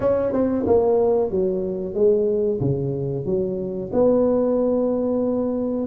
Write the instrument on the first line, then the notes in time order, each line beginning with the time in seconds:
tuba
0.00 C#4
0.32 C4
0.66 A#3
1.30 F#3
1.94 G#3
2.60 C#3
3.25 F#3
3.92 B3